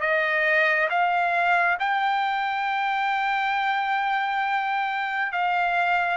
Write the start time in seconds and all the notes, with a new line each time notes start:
0.00 D#5
0.89 F5
1.79 G5
5.32 F5